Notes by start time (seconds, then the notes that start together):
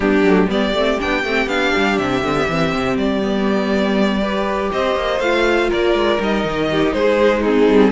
0.00 G3 B3 D4 G4
0.22 F#3 A3
0.48 G3 B3 G4 D5
0.73 A3 C4
0.99 B3 D4 G5
1.23 A3 C4
1.46 B3 D4 F5
1.76 G3
1.98 C3 E5
2.22 D3 C4
2.35 B3
2.48 E3 C4
2.74 C3
2.97 G3 D5
3.22 B3
4.21 G4 B4
4.72 C4 C5 D#5
4.95 A#3
5.19 A3 F4 F5
5.69 A#3 A#4 D5
5.94 G#3
6.18 G3 D#4 D#5
6.44 D#3
6.71 G4
6.92 G#3 G#4 C5
7.40 C4 D#4 G#4
7.67 G3